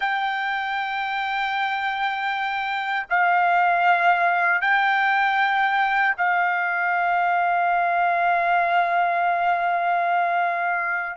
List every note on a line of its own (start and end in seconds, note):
0.00 3.06 G5
3.09 4.61 F5
4.61 6.15 G5
6.17 11.16 F5